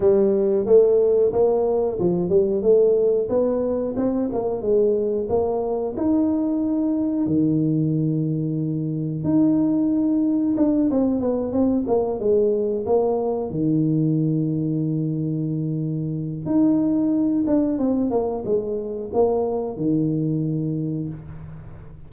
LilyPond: \new Staff \with { instrumentName = "tuba" } { \time 4/4 \tempo 4 = 91 g4 a4 ais4 f8 g8 | a4 b4 c'8 ais8 gis4 | ais4 dis'2 dis4~ | dis2 dis'2 |
d'8 c'8 b8 c'8 ais8 gis4 ais8~ | ais8 dis2.~ dis8~ | dis4 dis'4. d'8 c'8 ais8 | gis4 ais4 dis2 | }